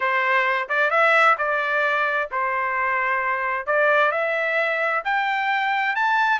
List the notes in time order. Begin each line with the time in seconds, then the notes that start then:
0.00 C5
0.68 D5
0.90 E5
1.37 D5
2.31 C5
3.66 D5
4.11 E5
5.04 G5
5.95 A5